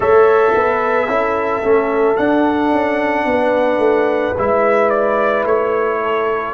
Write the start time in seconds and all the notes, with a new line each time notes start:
0.00 A3 A4 C#5 E5
0.54 B3 B4
1.07 C#4 E4 A4
1.63 A3 C#4
2.16 D4 F#5
2.72 C#4
3.25 B3 B4
3.78 A3
4.38 G#3 E4 E5
4.89 D5
5.45 A3 C#5
6.01 A4